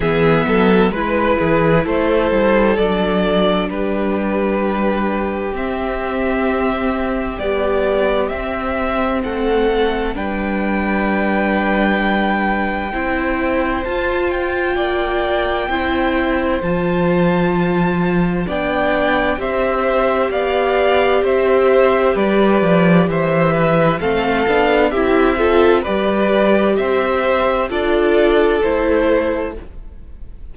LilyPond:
<<
  \new Staff \with { instrumentName = "violin" } { \time 4/4 \tempo 4 = 65 e''4 b'4 c''4 d''4 | b'2 e''2 | d''4 e''4 fis''4 g''4~ | g''2. a''8 g''8~ |
g''2 a''2 | g''4 e''4 f''4 e''4 | d''4 e''4 f''4 e''4 | d''4 e''4 d''4 c''4 | }
  \new Staff \with { instrumentName = "violin" } { \time 4/4 gis'8 a'8 b'8 gis'8 a'2 | g'1~ | g'2 a'4 b'4~ | b'2 c''2 |
d''4 c''2. | d''4 c''4 d''4 c''4 | b'4 c''8 b'8 a'4 g'8 a'8 | b'4 c''4 a'2 | }
  \new Staff \with { instrumentName = "viola" } { \time 4/4 b4 e'2 d'4~ | d'2 c'2 | g4 c'2 d'4~ | d'2 e'4 f'4~ |
f'4 e'4 f'2 | d'4 g'2.~ | g'2 c'8 d'8 e'8 f'8 | g'2 f'4 e'4 | }
  \new Staff \with { instrumentName = "cello" } { \time 4/4 e8 fis8 gis8 e8 a8 g8 fis4 | g2 c'2 | b4 c'4 a4 g4~ | g2 c'4 f'4 |
ais4 c'4 f2 | b4 c'4 b4 c'4 | g8 f8 e4 a8 b8 c'4 | g4 c'4 d'4 a4 | }
>>